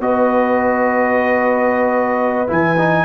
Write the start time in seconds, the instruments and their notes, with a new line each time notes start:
0.00 tuba B3, trombone F#4, horn B4, trumpet D#5
2.47 tuba E3, trombone E4, trumpet G#5
2.78 trombone D#4